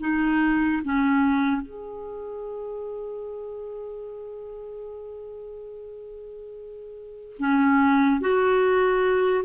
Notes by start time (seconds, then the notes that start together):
0.00 D#4
0.84 C#4
1.62 G#4
7.39 C#4
8.21 F#4